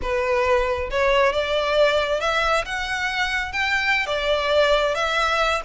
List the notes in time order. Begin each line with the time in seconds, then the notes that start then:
0.02 B4
0.90 C#5
1.32 D5
2.20 E5
2.65 F#5
3.52 G5
4.06 D5
4.95 E5